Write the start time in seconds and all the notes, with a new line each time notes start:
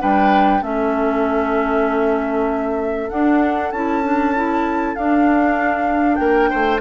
0.00 G3 D4 B4 G5
0.62 A3 C#4 A4 E5
3.10 D4 F#5
3.72 C#4 E4 A5
4.03 D4
4.36 E4
4.96 D4 F5
6.16 A#3 A#4 G5
6.51 A3 C5